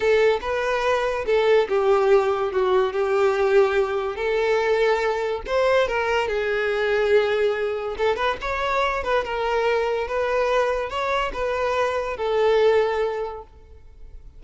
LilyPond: \new Staff \with { instrumentName = "violin" } { \time 4/4 \tempo 4 = 143 a'4 b'2 a'4 | g'2 fis'4 g'4~ | g'2 a'2~ | a'4 c''4 ais'4 gis'4~ |
gis'2. a'8 b'8 | cis''4. b'8 ais'2 | b'2 cis''4 b'4~ | b'4 a'2. | }